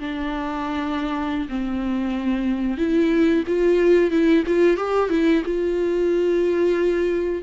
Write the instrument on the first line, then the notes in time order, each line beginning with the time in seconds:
viola
0.00 D4
1.49 C4
2.78 E4
3.47 F4
4.11 E4
4.47 F4
4.77 G4
5.10 E4
5.45 F4